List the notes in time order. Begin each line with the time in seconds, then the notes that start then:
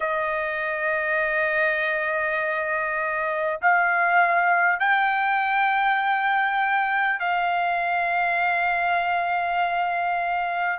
0.00 D#5
3.61 F5
4.79 G5
7.19 F5